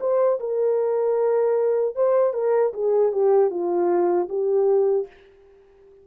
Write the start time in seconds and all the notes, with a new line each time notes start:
0.00 C5
0.40 A#4
1.95 C5
2.33 A#4
2.73 G#4
3.12 G4
3.50 F4
4.29 G4